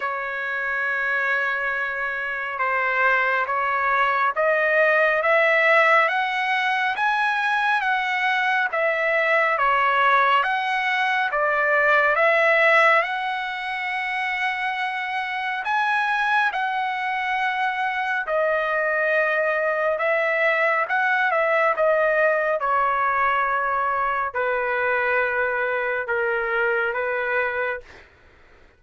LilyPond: \new Staff \with { instrumentName = "trumpet" } { \time 4/4 \tempo 4 = 69 cis''2. c''4 | cis''4 dis''4 e''4 fis''4 | gis''4 fis''4 e''4 cis''4 | fis''4 d''4 e''4 fis''4~ |
fis''2 gis''4 fis''4~ | fis''4 dis''2 e''4 | fis''8 e''8 dis''4 cis''2 | b'2 ais'4 b'4 | }